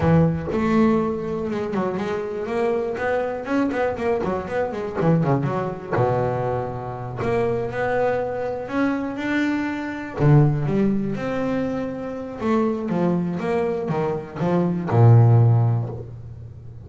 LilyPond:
\new Staff \with { instrumentName = "double bass" } { \time 4/4 \tempo 4 = 121 e4 a2 gis8 fis8 | gis4 ais4 b4 cis'8 b8 | ais8 fis8 b8 gis8 e8 cis8 fis4 | b,2~ b,8 ais4 b8~ |
b4. cis'4 d'4.~ | d'8 d4 g4 c'4.~ | c'4 a4 f4 ais4 | dis4 f4 ais,2 | }